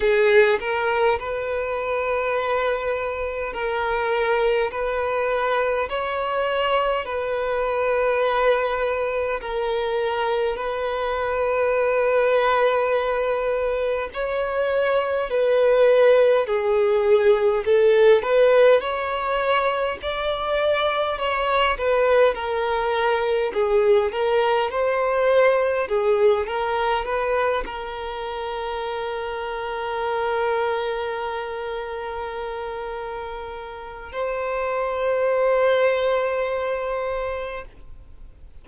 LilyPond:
\new Staff \with { instrumentName = "violin" } { \time 4/4 \tempo 4 = 51 gis'8 ais'8 b'2 ais'4 | b'4 cis''4 b'2 | ais'4 b'2. | cis''4 b'4 gis'4 a'8 b'8 |
cis''4 d''4 cis''8 b'8 ais'4 | gis'8 ais'8 c''4 gis'8 ais'8 b'8 ais'8~ | ais'1~ | ais'4 c''2. | }